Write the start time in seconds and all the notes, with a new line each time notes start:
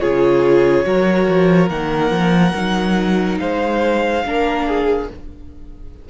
0.00 C#3 F4 G#4 C#5
0.84 F#3 F#4 A#4
1.28 F3
1.69 D#3 A#3 F#5
2.10 F3
2.54 F#3 D#4
3.39 G#3 C5 F5
4.24 A#3 D4 A#4
4.67 G#4